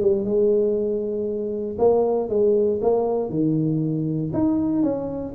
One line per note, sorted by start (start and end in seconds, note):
0.00 0.24 G3
0.24 1.77 G#3
1.78 2.29 A#3
2.29 2.80 G#3
2.81 3.29 A#3
3.29 4.31 D#3
4.33 4.83 D#4
4.83 5.33 C#4